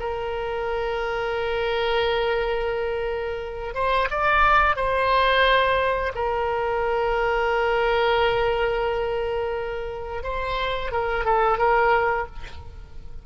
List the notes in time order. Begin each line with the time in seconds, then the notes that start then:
0.00 A#4
3.74 C5
4.10 D5
4.76 C5
6.15 A#4
10.23 C5
10.92 A#4
11.25 A4
11.58 A#4